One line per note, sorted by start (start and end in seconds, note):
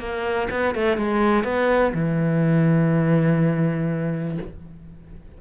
0.00 0.49 A#3
0.51 0.75 B3
0.75 0.98 A3
0.98 1.45 G#3
1.45 1.94 B3
1.95 4.39 E3